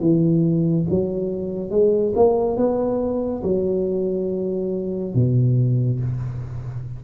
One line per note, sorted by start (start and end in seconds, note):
0.00 0.86 E3
0.90 1.71 F#3
1.71 2.14 G#3
2.15 2.56 A#3
2.56 3.42 B3
3.43 5.14 F#3
5.14 6.00 B2